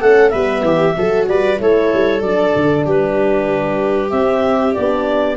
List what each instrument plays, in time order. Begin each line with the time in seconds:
0.00 tuba A3, horn C#4, viola A4, clarinet F#5
0.29 tuba G3, horn B3, viola B4, clarinet E5
0.62 tuba E3, viola G4
0.97 tuba F#3, horn F#4, viola A4
1.27 tuba G3, viola B4, clarinet D5
1.57 tuba A3, horn E4, viola A4, clarinet C#5
1.93 tuba G3
2.21 tuba F#3, horn D4, clarinet D5
2.56 tuba D3
2.85 tuba G3, viola G4, clarinet B4
4.10 tuba C4, horn C4, clarinet E5
4.73 tuba B3, horn D4, clarinet D5